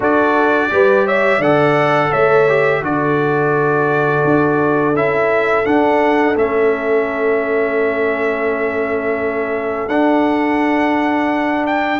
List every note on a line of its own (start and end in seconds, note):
0.00 0.70 D4
0.00 0.70 F#4
0.00 0.70 A4
0.00 1.07 D5
0.70 1.38 G3
0.70 1.41 G4
0.70 1.06 B4
1.06 1.38 C#5
1.06 1.42 E5
1.38 2.09 D3
1.38 2.48 A4
1.38 2.09 D5
1.38 2.12 F#5
2.10 2.82 A3
2.10 2.80 C#5
2.10 2.83 E5
2.48 2.82 G4
2.82 4.23 D3
2.82 4.94 F#4
2.82 11.99 A4
2.82 4.96 D5
4.24 4.94 D4
4.94 5.64 C#4
4.94 5.65 E4
4.94 5.65 E5
5.65 6.35 D4
5.65 6.36 D4
5.65 6.36 F#5
6.36 9.88 A3
6.36 9.89 C#4
6.36 9.88 E5
9.88 11.99 D4
9.88 11.65 F#5
11.66 11.99 G5